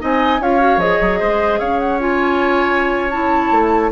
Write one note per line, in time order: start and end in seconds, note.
0.00 0.40 C4
0.00 0.40 D#4
0.00 0.41 D#5
0.00 0.43 G#5
0.40 0.77 C#4
0.40 0.60 F4
0.40 1.20 C#5
0.40 0.80 F5
0.60 0.80 F#4
0.77 0.97 F3
0.77 2.00 G#4
0.77 1.60 D#5
1.02 1.21 F#3
1.20 1.61 G#3
1.20 1.60 C5
1.60 3.51 C#4
1.60 3.91 C#5
1.60 1.80 F5
1.80 2.00 F#5
2.00 3.11 F4
2.00 3.10 G#5
3.10 3.93 E4
3.10 3.91 A5
3.51 3.92 A3